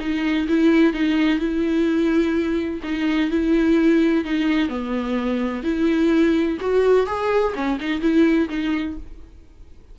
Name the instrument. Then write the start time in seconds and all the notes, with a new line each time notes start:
viola
0.00 D#4
0.48 E4
0.93 D#4
1.39 E4
2.83 D#4
3.31 E4
4.25 D#4
4.69 B3
5.63 E4
6.61 F#4
7.07 G#4
7.55 C#4
7.80 D#4
8.01 E4
8.50 D#4